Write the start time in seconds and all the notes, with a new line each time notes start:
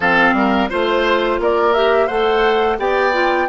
0.00 F3 C4 A4 F5
0.33 G3 A#4
0.69 A3 F4 C5
1.39 A#3 A#4 D5
1.73 G4 E5
2.06 A3 A4 C5 F#5
2.78 B3 G4 D5 G5
3.12 F4